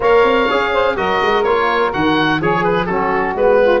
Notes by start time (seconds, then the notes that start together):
0.00 A#3 A#4 C#5 F5
0.23 C4
0.49 C#4 G#4
0.72 C5
0.96 F#3 F#4 A#4 D#5
1.21 G#3
1.43 A#3 F4 C#5
1.93 D#3 F#4 F#5
2.40 F3 G#4 C#5
2.64 B4
2.85 F#3 C#4 F#4 A4
3.34 G#3 B3 B4
3.61 F4